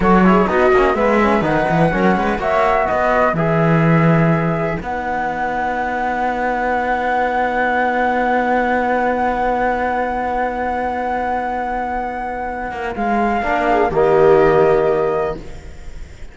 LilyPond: <<
  \new Staff \with { instrumentName = "flute" } { \time 4/4 \tempo 4 = 125 cis''4 dis''4 e''4 fis''4~ | fis''4 e''4 dis''4 e''4~ | e''2 fis''2~ | fis''1~ |
fis''1~ | fis''1~ | fis''2. f''4~ | f''4 dis''2. | }
  \new Staff \with { instrumentName = "viola" } { \time 4/4 a'8 gis'8 fis'4 b'2 | ais'8 b'8 cis''4 b'2~ | b'1~ | b'1~ |
b'1~ | b'1~ | b'1 | ais'8 gis'8 g'2. | }
  \new Staff \with { instrumentName = "trombone" } { \time 4/4 fis'8 e'8 dis'8 cis'8 b8 cis'8 dis'4 | cis'4 fis'2 gis'4~ | gis'2 dis'2~ | dis'1~ |
dis'1~ | dis'1~ | dis'1 | d'4 ais2. | }
  \new Staff \with { instrumentName = "cello" } { \time 4/4 fis4 b8 ais8 gis4 dis8 e8 | fis8 gis8 ais4 b4 e4~ | e2 b2~ | b1~ |
b1~ | b1~ | b2~ b8 ais8 gis4 | ais4 dis2. | }
>>